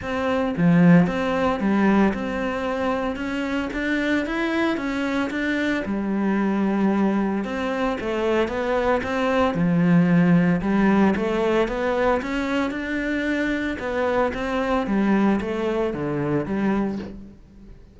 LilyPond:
\new Staff \with { instrumentName = "cello" } { \time 4/4 \tempo 4 = 113 c'4 f4 c'4 g4 | c'2 cis'4 d'4 | e'4 cis'4 d'4 g4~ | g2 c'4 a4 |
b4 c'4 f2 | g4 a4 b4 cis'4 | d'2 b4 c'4 | g4 a4 d4 g4 | }